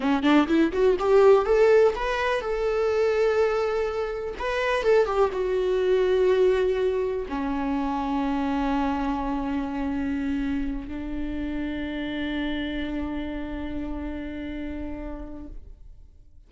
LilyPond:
\new Staff \with { instrumentName = "viola" } { \time 4/4 \tempo 4 = 124 cis'8 d'8 e'8 fis'8 g'4 a'4 | b'4 a'2.~ | a'4 b'4 a'8 g'8 fis'4~ | fis'2. cis'4~ |
cis'1~ | cis'2~ cis'8 d'4.~ | d'1~ | d'1 | }